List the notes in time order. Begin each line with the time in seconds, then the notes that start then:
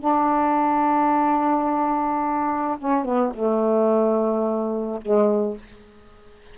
0.00 D4
2.79 C#4
3.05 B3
3.34 A3
5.02 G#3